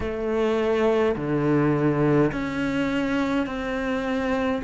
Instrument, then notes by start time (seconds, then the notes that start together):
cello
0.00 A3
1.15 D3
2.32 C#4
3.46 C4